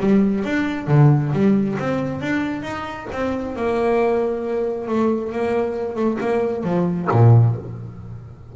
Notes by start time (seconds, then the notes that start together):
0.00 G3
0.44 D4
0.88 D3
1.34 G3
1.80 C4
2.22 D4
2.63 D#4
3.13 C4
3.57 A#3
4.89 A3
5.32 A#3
5.96 A3
6.21 A#3
6.64 F3
7.12 A#2